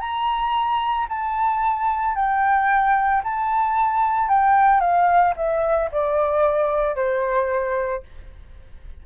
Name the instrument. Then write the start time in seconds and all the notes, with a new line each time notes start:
flute
0.00 A#5
1.09 A5
2.15 G5
3.24 A5
4.28 G5
4.80 F5
5.36 E5
5.92 D5
6.96 C5